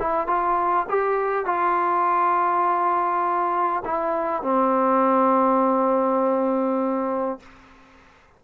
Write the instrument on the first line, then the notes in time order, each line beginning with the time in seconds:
trombone
0.00 E4
0.28 F4
0.89 G4
1.46 F4
3.85 E4
4.43 C4